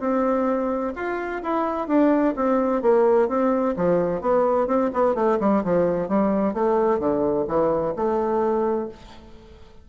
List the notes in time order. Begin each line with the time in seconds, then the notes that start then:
0.00 C4
0.96 F4
1.43 E4
1.88 D4
2.36 C4
2.82 A#3
3.28 C4
3.76 F3
4.21 B3
4.67 C4
4.93 B3
5.15 A3
5.40 G3
5.64 F3
6.08 G3
6.53 A3
6.99 D3
7.47 E3
7.96 A3